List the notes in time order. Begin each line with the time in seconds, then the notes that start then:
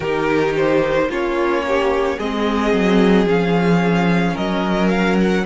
0.00 D#3 D#4 G4 A#4
0.56 C5
1.09 A#3 C#4 F4 C#5
1.67 G4
2.17 G#3 C4 G#4 D#5
2.73 F#3
3.25 F3 C#4 F5
4.34 F#3 A#4 D#5
4.88 F5
5.20 F#5